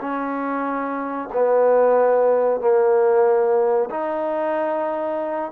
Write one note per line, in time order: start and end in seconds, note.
0.00 1.29 C#4
1.33 2.61 B3
2.61 3.90 A#3
3.90 5.51 D#4